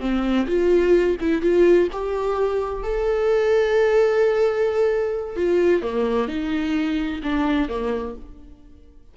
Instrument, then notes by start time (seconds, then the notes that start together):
viola
0.00 C4
0.47 F4
1.20 E4
1.41 F4
1.92 G4
2.82 A4
5.36 F4
5.82 A#3
6.28 D#4
7.23 D4
7.68 A#3